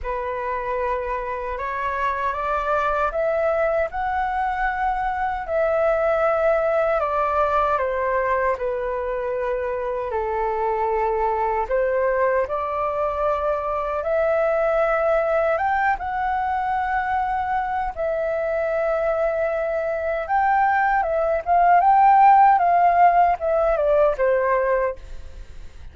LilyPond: \new Staff \with { instrumentName = "flute" } { \time 4/4 \tempo 4 = 77 b'2 cis''4 d''4 | e''4 fis''2 e''4~ | e''4 d''4 c''4 b'4~ | b'4 a'2 c''4 |
d''2 e''2 | g''8 fis''2~ fis''8 e''4~ | e''2 g''4 e''8 f''8 | g''4 f''4 e''8 d''8 c''4 | }